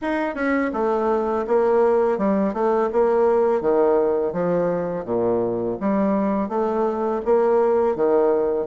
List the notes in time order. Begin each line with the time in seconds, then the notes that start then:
0.01 D#4
0.34 C#4
0.73 A3
1.47 A#3
2.18 G3
2.53 A3
2.92 A#3
3.61 D#3
4.32 F3
5.04 A#2
5.80 G3
6.48 A3
7.25 A#3
7.95 D#3